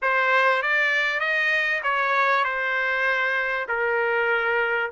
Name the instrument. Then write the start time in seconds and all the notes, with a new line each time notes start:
trumpet
0.02 C5
0.62 D5
1.20 D#5
1.83 C#5
2.44 C5
3.68 A#4